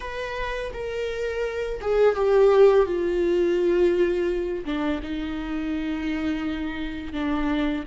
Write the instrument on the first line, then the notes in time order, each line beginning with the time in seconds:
viola
0.00 B4
0.73 A#4
1.81 G#4
2.15 G4
2.86 F4
4.65 D4
5.02 D#4
7.12 D4